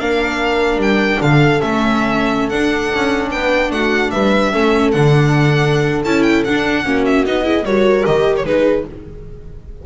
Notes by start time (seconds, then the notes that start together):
0.00 A#3 D4 A#4 F5
0.77 G3 G5
1.21 D3 A4 F5
1.60 A3 C#4 E5
2.49 D4 F#5
2.95 C#4
3.31 B3 B4 G5
3.71 A3 F#4 F#5
4.11 G3 B4 E5
4.52 A3 C#4 A4
4.92 D3 D4 F#5
6.05 C#4 E4 A5
6.23 G5
6.44 D4 F#5
6.85 A#3 C#4 F#4
7.05 E5
7.26 B3 D#4 D#5
7.44 E4 G#4
7.63 G3 F#4 A#4 C#5
8.06 D#3 G4 D#5
8.36 C#5
8.44 G#3 D#4 G#4 B4